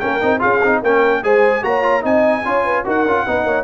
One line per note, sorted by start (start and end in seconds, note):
0.00 0.23 A#3
0.00 0.21 C#4
0.00 0.40 A#4
0.00 0.41 G5
0.21 0.43 C4
0.21 0.40 D#4
0.40 0.63 C#4
0.40 0.60 F4
0.40 0.81 G#4
0.40 0.82 F5
0.63 0.83 C4
0.63 0.84 D#4
0.83 1.24 A#3
0.83 1.23 C#4
0.83 1.23 A#4
0.83 1.24 G5
1.23 1.64 G#3
1.23 1.63 G#4
1.23 1.65 C5
1.23 1.64 G#5
1.63 2.04 A#3
1.63 1.83 F#4
1.63 2.05 C#5
1.63 2.04 A#5
1.83 2.02 F4
2.02 2.45 C4
2.02 2.42 D#4
2.02 2.45 D#5
2.02 2.86 G#5
2.45 2.86 C#4
2.45 2.85 F4
2.45 2.64 C#5
2.64 2.85 B4
2.85 3.05 D#4
2.85 3.05 F#4
2.85 3.26 A#4
2.85 3.64 F#5
3.05 3.26 C#4
3.05 3.27 F4
3.27 3.44 B3
3.27 3.64 D#4
3.27 3.46 B4
3.44 3.64 A#3
3.44 3.64 C#5